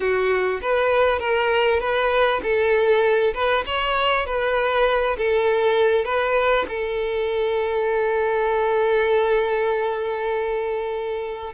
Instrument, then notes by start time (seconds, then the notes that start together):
violin
0.00 F#4
0.61 B4
1.19 A#4
1.80 B4
2.42 A4
3.34 B4
3.66 C#5
4.26 B4
5.17 A4
6.04 B4
6.68 A4